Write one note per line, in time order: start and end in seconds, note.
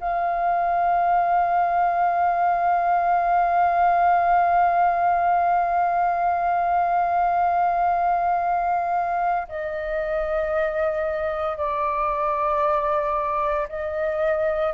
0.00 9.47 F5
9.48 11.57 D#5
11.57 13.67 D5
13.68 14.73 D#5